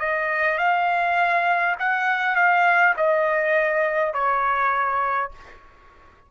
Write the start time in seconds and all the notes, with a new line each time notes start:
0.00 D#5
0.58 F5
1.80 F#5
2.36 F5
2.97 D#5
4.14 C#5